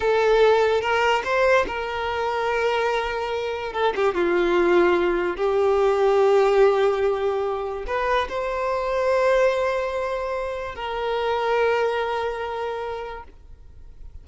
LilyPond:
\new Staff \with { instrumentName = "violin" } { \time 4/4 \tempo 4 = 145 a'2 ais'4 c''4 | ais'1~ | ais'4 a'8 g'8 f'2~ | f'4 g'2.~ |
g'2. b'4 | c''1~ | c''2 ais'2~ | ais'1 | }